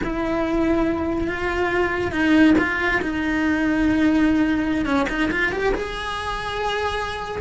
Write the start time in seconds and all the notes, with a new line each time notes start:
0.03 E4
1.27 F4
2.11 D#4
2.58 F4
3.01 D#4
4.85 C#4
5.09 D#4
5.31 F4
5.51 G4
5.74 G#4